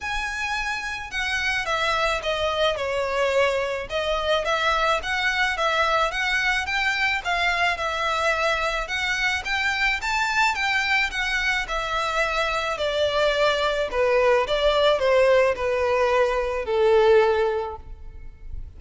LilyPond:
\new Staff \with { instrumentName = "violin" } { \time 4/4 \tempo 4 = 108 gis''2 fis''4 e''4 | dis''4 cis''2 dis''4 | e''4 fis''4 e''4 fis''4 | g''4 f''4 e''2 |
fis''4 g''4 a''4 g''4 | fis''4 e''2 d''4~ | d''4 b'4 d''4 c''4 | b'2 a'2 | }